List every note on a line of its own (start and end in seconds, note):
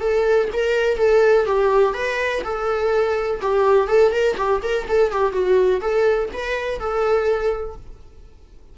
0.00 0.48 A4
0.53 0.97 A#4
0.97 1.46 A4
1.46 1.94 G4
1.94 2.42 B4
2.44 3.40 A4
3.41 3.88 G4
3.88 4.12 A4
4.12 4.36 A#4
4.37 4.61 G4
4.63 4.87 A#4
4.88 5.11 A4
5.11 5.32 G4
5.32 5.80 F#4
5.81 6.29 A4
6.33 6.79 B4
6.79 7.76 A4